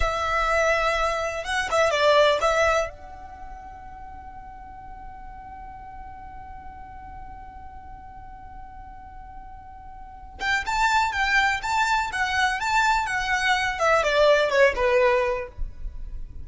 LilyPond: \new Staff \with { instrumentName = "violin" } { \time 4/4 \tempo 4 = 124 e''2. fis''8 e''8 | d''4 e''4 fis''2~ | fis''1~ | fis''1~ |
fis''1~ | fis''4. g''8 a''4 g''4 | a''4 fis''4 a''4 fis''4~ | fis''8 e''8 d''4 cis''8 b'4. | }